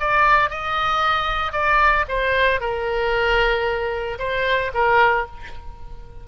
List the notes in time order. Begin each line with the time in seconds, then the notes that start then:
0.00 D5
0.50 D#5
1.53 D5
2.09 C5
2.60 A#4
4.19 C5
4.74 A#4